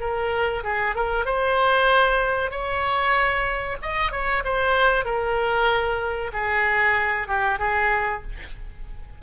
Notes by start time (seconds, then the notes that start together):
0.00 A#4
0.63 G#4
0.95 A#4
1.25 C5
2.51 C#5
3.82 D#5
4.11 C#5
4.44 C5
5.05 A#4
6.33 G#4
7.27 G4
7.59 G#4